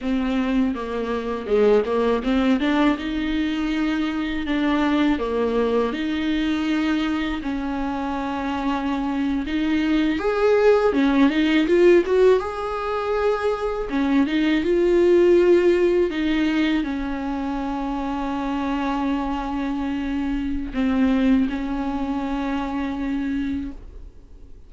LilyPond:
\new Staff \with { instrumentName = "viola" } { \time 4/4 \tempo 4 = 81 c'4 ais4 gis8 ais8 c'8 d'8 | dis'2 d'4 ais4 | dis'2 cis'2~ | cis'8. dis'4 gis'4 cis'8 dis'8 f'16~ |
f'16 fis'8 gis'2 cis'8 dis'8 f'16~ | f'4.~ f'16 dis'4 cis'4~ cis'16~ | cis'1 | c'4 cis'2. | }